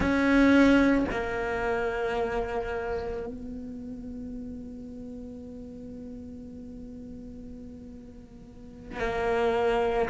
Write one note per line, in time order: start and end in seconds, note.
0.00 1.05 C#4
1.11 3.27 A#3
3.27 9.00 B3
9.00 10.09 A#3